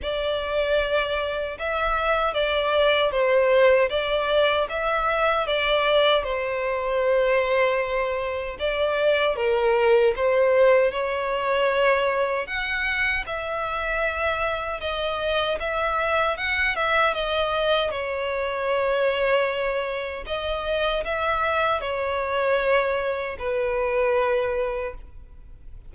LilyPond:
\new Staff \with { instrumentName = "violin" } { \time 4/4 \tempo 4 = 77 d''2 e''4 d''4 | c''4 d''4 e''4 d''4 | c''2. d''4 | ais'4 c''4 cis''2 |
fis''4 e''2 dis''4 | e''4 fis''8 e''8 dis''4 cis''4~ | cis''2 dis''4 e''4 | cis''2 b'2 | }